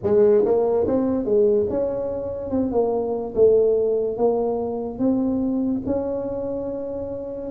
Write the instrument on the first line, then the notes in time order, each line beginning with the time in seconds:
tuba
0.03 G#3
0.45 A#3
0.87 C4
1.24 G#3
1.69 C#4
2.50 C4
2.71 A#3
3.34 A3
4.17 A#3
4.98 C4
5.86 C#4